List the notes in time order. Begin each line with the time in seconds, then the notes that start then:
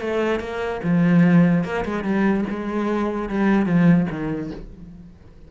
0.00 A3
0.39 A#3
0.83 F3
1.64 A#3
1.85 G#3
2.03 G3
2.50 G#3
3.29 G3
3.65 F3
4.10 D#3